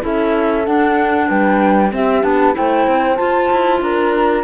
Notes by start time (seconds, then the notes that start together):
0.00 C#4 E4 A4 E5
0.66 D4 F#5
1.28 G3 B4 G5
1.91 C4 G4 E5
2.22 B3 D4 A5
2.52 A3 E4 C5 G5
2.87 C4
3.16 F4 A5
3.51 E4
3.81 D4 A#4 A#5